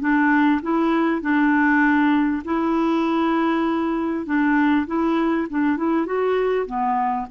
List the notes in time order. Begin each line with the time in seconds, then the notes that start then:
0.00 D4
0.62 E4
1.21 D4
2.44 E4
4.25 D4
4.87 E4
5.50 D4
5.77 E4
6.06 F#4
6.66 B3